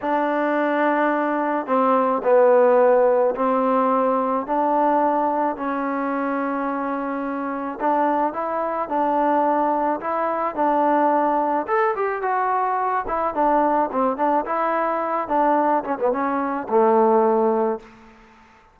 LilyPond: \new Staff \with { instrumentName = "trombone" } { \time 4/4 \tempo 4 = 108 d'2. c'4 | b2 c'2 | d'2 cis'2~ | cis'2 d'4 e'4 |
d'2 e'4 d'4~ | d'4 a'8 g'8 fis'4. e'8 | d'4 c'8 d'8 e'4. d'8~ | d'8 cis'16 b16 cis'4 a2 | }